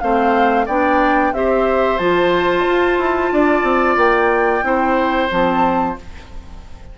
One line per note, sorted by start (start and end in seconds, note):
0.00 0.68 A3
0.00 0.67 C4
0.00 0.66 C5
0.00 0.66 F5
0.66 1.33 B3
0.66 1.34 D4
0.66 1.32 D5
0.66 1.34 G5
1.33 1.99 C4
1.33 2.00 G4
1.33 3.33 C5
1.33 1.98 E5
1.98 2.65 F3
1.98 4.63 F4
1.98 3.96 A5
2.66 2.98 F4
2.98 3.31 E4
3.32 3.63 D4
3.32 4.65 D5
3.63 3.96 C4
3.97 4.63 A#3
3.97 5.30 G5
4.63 5.29 C4
4.63 5.29 E4
4.63 5.98 C5
5.30 5.98 F3
5.30 5.96 C4
5.30 5.98 A5